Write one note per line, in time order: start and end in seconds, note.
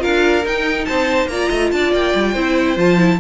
0.00 0.45 D4
0.00 0.42 F4
0.00 0.86 A#4
0.00 0.46 F5
0.45 0.88 D#4
0.45 1.31 D#4
0.45 0.86 G5
0.86 1.27 C4
0.86 1.31 C5
0.86 1.28 A5
1.27 1.48 A#3
1.27 2.36 F4
1.27 1.49 D5
1.27 1.71 A#5
1.49 1.72 A3
1.49 1.70 D#5
1.72 1.93 D4
1.72 2.33 D5
1.72 1.93 A5
1.93 2.14 A#3
1.93 2.79 G5
2.15 2.36 G3
2.33 2.77 C4
2.33 2.77 E4
2.33 3.18 C5
2.77 3.19 F3
2.77 2.98 F4
2.77 3.21 A5
2.98 3.19 E4